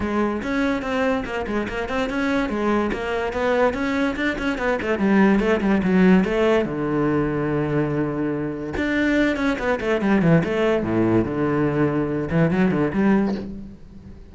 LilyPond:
\new Staff \with { instrumentName = "cello" } { \time 4/4 \tempo 4 = 144 gis4 cis'4 c'4 ais8 gis8 | ais8 c'8 cis'4 gis4 ais4 | b4 cis'4 d'8 cis'8 b8 a8 | g4 a8 g8 fis4 a4 |
d1~ | d4 d'4. cis'8 b8 a8 | g8 e8 a4 a,4 d4~ | d4. e8 fis8 d8 g4 | }